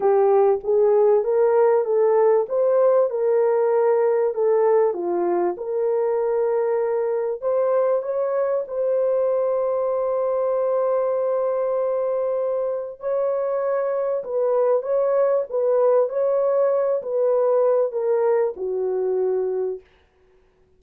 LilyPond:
\new Staff \with { instrumentName = "horn" } { \time 4/4 \tempo 4 = 97 g'4 gis'4 ais'4 a'4 | c''4 ais'2 a'4 | f'4 ais'2. | c''4 cis''4 c''2~ |
c''1~ | c''4 cis''2 b'4 | cis''4 b'4 cis''4. b'8~ | b'4 ais'4 fis'2 | }